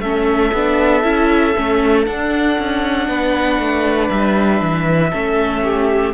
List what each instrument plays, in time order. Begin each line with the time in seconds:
0.00 cello A3, viola C#4, violin A4 E5
0.54 cello B3, viola D4
1.03 cello C#4, viola E4
1.57 cello A3, viola C#4
2.06 viola D4, cello D4, violin F#5
2.58 cello C#4
3.08 cello B3, violin B4
3.59 cello A3
4.11 cello G3, violin E5
4.61 cello E3
5.11 cello A3, viola C#4, violin A4
5.64 violin G4